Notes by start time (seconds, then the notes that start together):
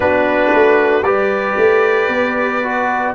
0.00 B3 D4 F#4 B4
0.54 A3
1.02 G3 G4 B4 D5
1.57 A3
2.08 B3
2.63 F#4